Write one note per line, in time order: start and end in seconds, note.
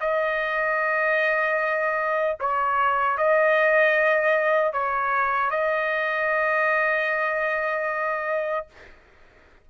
0.00 2.37 D#5
2.40 3.18 C#5
3.18 4.73 D#5
4.73 5.50 C#5
5.50 8.66 D#5